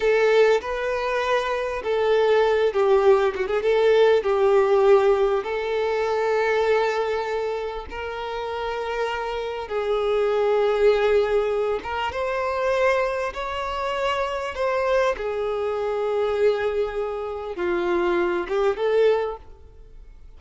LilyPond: \new Staff \with { instrumentName = "violin" } { \time 4/4 \tempo 4 = 99 a'4 b'2 a'4~ | a'8 g'4 fis'16 gis'16 a'4 g'4~ | g'4 a'2.~ | a'4 ais'2. |
gis'2.~ gis'8 ais'8 | c''2 cis''2 | c''4 gis'2.~ | gis'4 f'4. g'8 a'4 | }